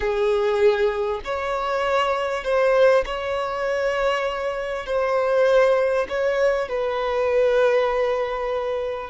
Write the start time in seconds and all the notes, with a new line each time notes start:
0.00 G#4
1.24 C#5
2.44 C5
3.05 C#5
4.86 C5
6.09 C#5
6.68 B4